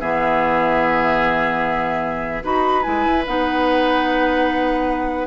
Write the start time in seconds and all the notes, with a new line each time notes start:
0.00 E3 B3 G#4 E5
2.44 D#4 F#4 B4 B5
2.83 G#3 E4 G#5
3.06 E4
3.27 B3 D#4 F#5